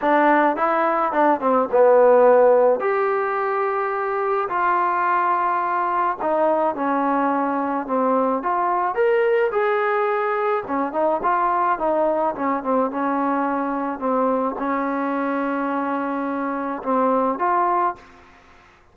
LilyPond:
\new Staff \with { instrumentName = "trombone" } { \time 4/4 \tempo 4 = 107 d'4 e'4 d'8 c'8 b4~ | b4 g'2. | f'2. dis'4 | cis'2 c'4 f'4 |
ais'4 gis'2 cis'8 dis'8 | f'4 dis'4 cis'8 c'8 cis'4~ | cis'4 c'4 cis'2~ | cis'2 c'4 f'4 | }